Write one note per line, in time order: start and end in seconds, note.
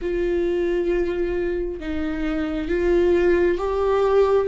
0.01 1.80 F4
1.80 2.68 D#4
2.68 3.58 F4
3.58 4.47 G4